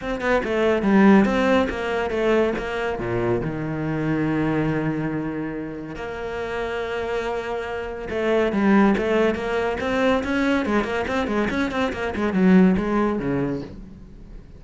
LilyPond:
\new Staff \with { instrumentName = "cello" } { \time 4/4 \tempo 4 = 141 c'8 b8 a4 g4 c'4 | ais4 a4 ais4 ais,4 | dis1~ | dis2 ais2~ |
ais2. a4 | g4 a4 ais4 c'4 | cis'4 gis8 ais8 c'8 gis8 cis'8 c'8 | ais8 gis8 fis4 gis4 cis4 | }